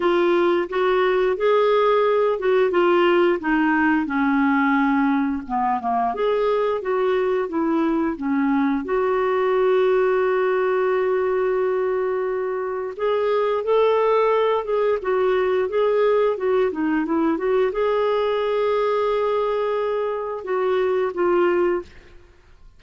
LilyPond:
\new Staff \with { instrumentName = "clarinet" } { \time 4/4 \tempo 4 = 88 f'4 fis'4 gis'4. fis'8 | f'4 dis'4 cis'2 | b8 ais8 gis'4 fis'4 e'4 | cis'4 fis'2.~ |
fis'2. gis'4 | a'4. gis'8 fis'4 gis'4 | fis'8 dis'8 e'8 fis'8 gis'2~ | gis'2 fis'4 f'4 | }